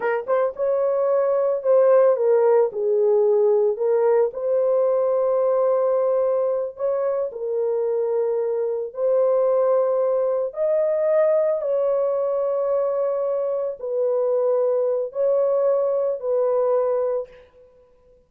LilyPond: \new Staff \with { instrumentName = "horn" } { \time 4/4 \tempo 4 = 111 ais'8 c''8 cis''2 c''4 | ais'4 gis'2 ais'4 | c''1~ | c''8 cis''4 ais'2~ ais'8~ |
ais'8 c''2. dis''8~ | dis''4. cis''2~ cis''8~ | cis''4. b'2~ b'8 | cis''2 b'2 | }